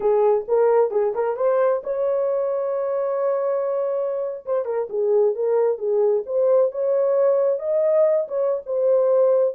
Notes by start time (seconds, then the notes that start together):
0.00 G#4
0.48 A#4
0.90 G#4
1.14 A#4
1.36 C5
1.83 C#5
4.45 C5
4.65 A#4
4.89 G#4
5.35 A#4
5.78 G#4
6.26 C5
6.71 C#5
7.59 D#5
8.28 C#5
8.65 C5